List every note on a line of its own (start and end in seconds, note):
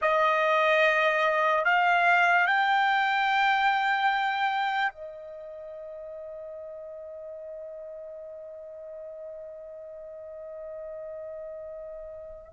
0.01 1.64 D#5
1.64 2.47 F5
2.47 4.91 G5
4.91 12.52 D#5